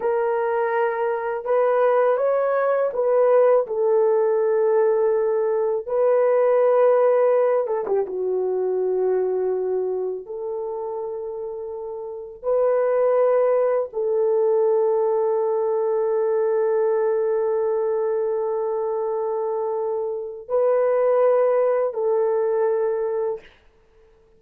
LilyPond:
\new Staff \with { instrumentName = "horn" } { \time 4/4 \tempo 4 = 82 ais'2 b'4 cis''4 | b'4 a'2. | b'2~ b'8 a'16 g'16 fis'4~ | fis'2 a'2~ |
a'4 b'2 a'4~ | a'1~ | a'1 | b'2 a'2 | }